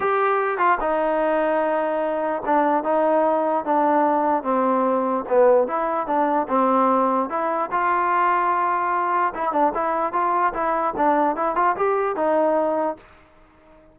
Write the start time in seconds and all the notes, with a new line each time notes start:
0.00 G4
0.57 F4
0.80 D#4
2.45 D4
2.83 D#4
3.64 D4
4.43 C4
5.28 B3
5.67 E4
6.06 D4
6.48 C4
7.29 E4
7.71 F4
9.34 E4
9.52 D4
9.74 E4
10.12 F4
10.53 E4
10.96 D4
11.36 E4
11.55 F4
11.76 G4
12.15 D#4